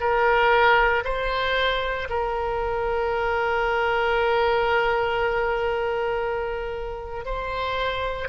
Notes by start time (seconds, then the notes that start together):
0.00 A#4
1.04 C5
2.09 A#4
7.25 C5